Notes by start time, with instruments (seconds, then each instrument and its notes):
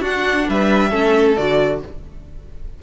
0.00 cello D4, viola D4, violin F#4 F#5
0.48 cello G3, violin B4 E5
0.90 cello A3, viola C#4, violin A4
1.36 cello D3, viola F#4, violin D5